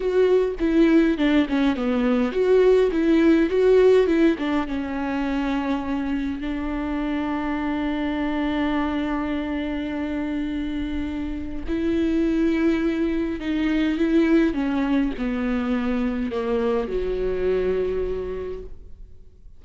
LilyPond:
\new Staff \with { instrumentName = "viola" } { \time 4/4 \tempo 4 = 103 fis'4 e'4 d'8 cis'8 b4 | fis'4 e'4 fis'4 e'8 d'8 | cis'2. d'4~ | d'1~ |
d'1 | e'2. dis'4 | e'4 cis'4 b2 | ais4 fis2. | }